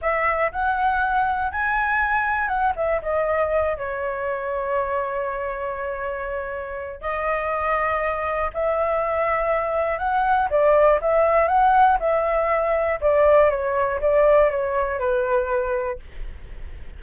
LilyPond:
\new Staff \with { instrumentName = "flute" } { \time 4/4 \tempo 4 = 120 e''4 fis''2 gis''4~ | gis''4 fis''8 e''8 dis''4. cis''8~ | cis''1~ | cis''2 dis''2~ |
dis''4 e''2. | fis''4 d''4 e''4 fis''4 | e''2 d''4 cis''4 | d''4 cis''4 b'2 | }